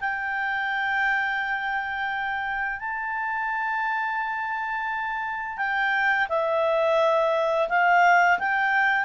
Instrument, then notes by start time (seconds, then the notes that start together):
clarinet
0.00 G5
2.79 A5
5.57 G5
6.29 E5
7.69 F5
8.38 G5